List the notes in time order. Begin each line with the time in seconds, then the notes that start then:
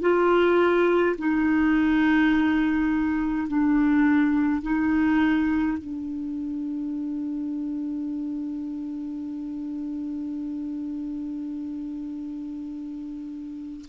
0.00 F4
1.18 D#4
3.47 D4
4.62 D#4
5.77 D4